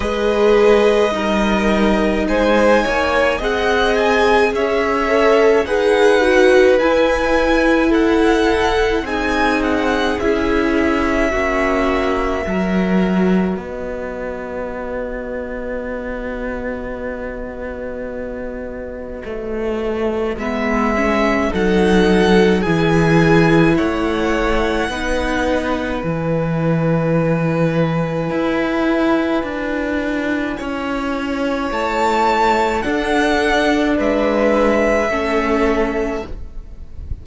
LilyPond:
<<
  \new Staff \with { instrumentName = "violin" } { \time 4/4 \tempo 4 = 53 dis''2 gis''4 fis''8 gis''8 | e''4 fis''4 gis''4 fis''4 | gis''8 fis''8 e''2. | dis''1~ |
dis''2 e''4 fis''4 | gis''4 fis''2 gis''4~ | gis''1 | a''4 fis''4 e''2 | }
  \new Staff \with { instrumentName = "violin" } { \time 4/4 b'4 ais'4 c''8 cis''8 dis''4 | cis''4 b'2 a'4 | gis'2 fis'4 ais'4 | b'1~ |
b'2. a'4 | gis'4 cis''4 b'2~ | b'2. cis''4~ | cis''4 a'4 b'4 a'4 | }
  \new Staff \with { instrumentName = "viola" } { \time 4/4 gis'4 dis'2 gis'4~ | gis'8 a'8 gis'8 fis'8 e'2 | dis'4 e'4 cis'4 fis'4~ | fis'1~ |
fis'2 b8 cis'8 dis'4 | e'2 dis'4 e'4~ | e'1~ | e'4 d'2 cis'4 | }
  \new Staff \with { instrumentName = "cello" } { \time 4/4 gis4 g4 gis8 ais8 c'4 | cis'4 dis'4 e'2 | c'4 cis'4 ais4 fis4 | b1~ |
b4 a4 gis4 fis4 | e4 a4 b4 e4~ | e4 e'4 d'4 cis'4 | a4 d'4 gis4 a4 | }
>>